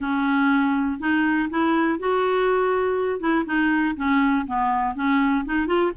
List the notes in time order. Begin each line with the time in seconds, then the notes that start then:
0.00 C#4
0.99 D#4
1.50 E4
1.99 F#4
3.20 E4
3.45 D#4
3.96 C#4
4.46 B3
4.95 C#4
5.45 D#4
5.66 F4